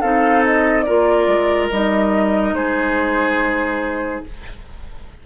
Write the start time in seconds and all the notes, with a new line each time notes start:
0.00 C4 D#4 A4 F5
0.45 D#5
0.82 F4 A#4 D5
0.88 A#3
1.27 G#3
1.70 G3 D#4 D#5
2.52 G#3 G#4 C5